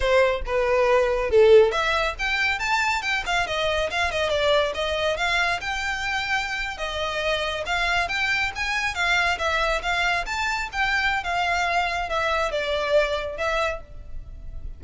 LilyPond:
\new Staff \with { instrumentName = "violin" } { \time 4/4 \tempo 4 = 139 c''4 b'2 a'4 | e''4 g''4 a''4 g''8 f''8 | dis''4 f''8 dis''8 d''4 dis''4 | f''4 g''2~ g''8. dis''16~ |
dis''4.~ dis''16 f''4 g''4 gis''16~ | gis''8. f''4 e''4 f''4 a''16~ | a''8. g''4~ g''16 f''2 | e''4 d''2 e''4 | }